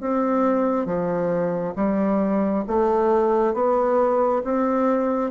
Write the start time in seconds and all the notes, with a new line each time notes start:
0.00 C4
0.85 F3
1.76 G3
2.67 A3
3.54 B3
4.44 C4